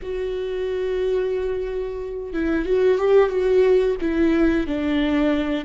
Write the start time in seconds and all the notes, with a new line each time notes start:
0.02 F#4
2.33 E4
2.65 F#4
2.98 G4
3.29 F#4
4.00 E4
4.67 D4